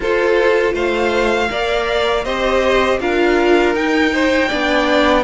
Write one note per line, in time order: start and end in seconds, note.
0.00 0.73 F4
0.00 1.49 F4
0.00 0.73 A4
0.00 0.75 C5
0.73 1.48 A3
0.73 1.48 C5
0.73 2.25 F5
1.49 2.25 A#3
1.49 2.24 A#4
1.49 2.24 D5
2.24 3.00 C4
2.24 3.00 G4
2.24 2.99 C5
2.24 3.00 D#5
3.00 3.74 D4
3.00 3.74 F4
3.00 4.13 A#4
3.00 3.75 F5
3.74 4.49 D#4
3.74 5.23 G5
4.13 4.48 C5
4.48 5.23 B3
4.48 5.23 D4
4.48 5.23 D5